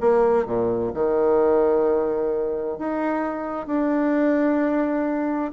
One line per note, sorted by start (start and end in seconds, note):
0.00 0.45 A#3
0.45 0.91 A#2
0.94 2.78 D#3
2.78 3.66 D#4
3.66 5.51 D4